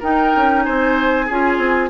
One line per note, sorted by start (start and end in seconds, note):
0.00 1.28 D#4
0.00 0.34 D#4
0.00 0.63 A#4
0.00 0.64 G5
0.36 0.67 C#4
0.64 1.30 C4
0.64 1.26 C5
0.64 1.90 G#5
1.26 1.58 C#4
1.26 1.91 F4
1.26 1.90 G#4
1.58 1.89 C4